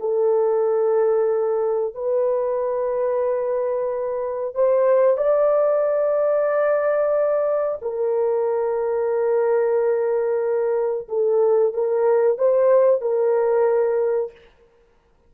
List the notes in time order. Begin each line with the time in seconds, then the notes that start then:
0.00 A4
1.94 B4
4.55 C5
5.17 D5
7.82 A#4
11.08 A4
11.73 A#4
12.38 C5
13.01 A#4